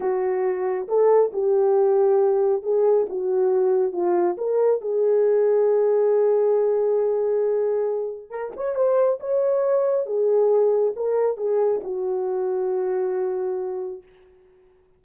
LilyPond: \new Staff \with { instrumentName = "horn" } { \time 4/4 \tempo 4 = 137 fis'2 a'4 g'4~ | g'2 gis'4 fis'4~ | fis'4 f'4 ais'4 gis'4~ | gis'1~ |
gis'2. ais'8 cis''8 | c''4 cis''2 gis'4~ | gis'4 ais'4 gis'4 fis'4~ | fis'1 | }